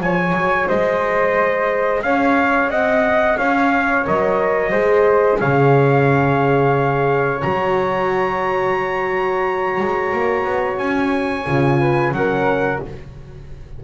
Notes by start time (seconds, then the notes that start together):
0.00 F3 G#4 C#5 G#5
0.32 F#3
0.68 G#3 C5 D#5
2.03 C#4 C#5 F5
2.69 C4 D#5 F#5
3.38 C#4 C#5 F5
4.04 F#3 A#4 D#5
4.71 G#3 G#4 C5
5.40 C#3 C#5 F5
7.42 F#3 F#4 A#5
9.80 G#3
10.13 A#3
10.45 B3
10.78 C#4 G#5
11.47 C#3 F4
11.80 B4
12.12 F#3 C#4 A#4 F#5